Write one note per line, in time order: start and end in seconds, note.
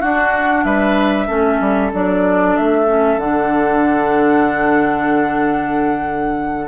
0.00 1.27 D4
0.00 0.64 D4
0.00 0.64 F#4
0.00 0.64 F#5
0.64 1.28 G3
0.64 1.27 B4
0.64 1.91 E5
1.27 1.60 A3
1.27 1.91 C#4
1.27 6.68 A4
1.60 1.92 G3
1.93 2.57 F#3
1.93 2.86 D4
1.93 2.56 D5
2.56 3.17 A3
2.56 3.19 E5
2.86 3.18 C#4
3.17 6.68 D3
3.17 6.68 D4
3.17 6.68 F#5